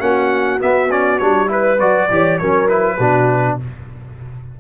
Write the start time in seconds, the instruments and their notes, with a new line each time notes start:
0.00 tuba A#3, trombone C#4, horn F#4, trumpet F#5
0.60 trombone B3, tuba B3, trumpet E5
0.91 trombone C#4, trumpet D5
1.19 tuba G3, trombone D4, trumpet C#5
1.48 trombone E4, horn B4, trumpet B4
1.80 tuba F#3, trombone F#4, trumpet D5
2.11 tuba E3, trombone G4, horn C#5
2.39 tuba F#3, trombone C#4, horn A#4, trumpet C#5
2.69 trombone E4, trumpet B4
2.98 tuba B2, trombone D4, horn F#4